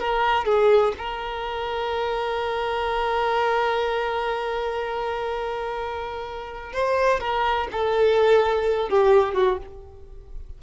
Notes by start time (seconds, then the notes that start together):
0.00 A#4
0.45 G#4
0.99 A#4
6.73 C5
7.20 A#4
7.72 A4
8.90 G4
9.34 F#4